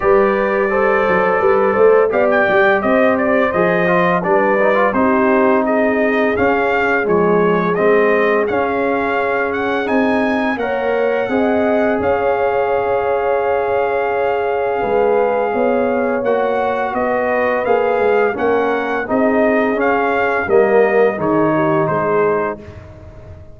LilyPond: <<
  \new Staff \with { instrumentName = "trumpet" } { \time 4/4 \tempo 4 = 85 d''2. f''16 g''8. | dis''8 d''8 dis''4 d''4 c''4 | dis''4 f''4 cis''4 dis''4 | f''4. fis''8 gis''4 fis''4~ |
fis''4 f''2.~ | f''2. fis''4 | dis''4 f''4 fis''4 dis''4 | f''4 dis''4 cis''4 c''4 | }
  \new Staff \with { instrumentName = "horn" } { \time 4/4 b'4 c''4 b'8 c''8 d''4 | c''2 b'4 g'4 | gis'1~ | gis'2. cis''4 |
dis''4 cis''2.~ | cis''4 b'4 cis''2 | b'2 ais'4 gis'4~ | gis'4 ais'4 gis'8 g'8 gis'4 | }
  \new Staff \with { instrumentName = "trombone" } { \time 4/4 g'4 a'2 g'4~ | g'4 gis'8 f'8 d'8 dis'16 f'16 dis'4~ | dis'4 cis'4 gis4 c'4 | cis'2 dis'4 ais'4 |
gis'1~ | gis'2. fis'4~ | fis'4 gis'4 cis'4 dis'4 | cis'4 ais4 dis'2 | }
  \new Staff \with { instrumentName = "tuba" } { \time 4/4 g4. fis8 g8 a8 b8 g8 | c'4 f4 g4 c'4~ | c'4 cis'4 f4 gis4 | cis'2 c'4 ais4 |
c'4 cis'2.~ | cis'4 gis4 b4 ais4 | b4 ais8 gis8 ais4 c'4 | cis'4 g4 dis4 gis4 | }
>>